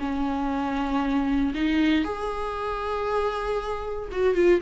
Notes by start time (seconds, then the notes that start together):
0.00 C#4
1.55 D#4
2.05 G#4
4.12 F#4
4.35 F4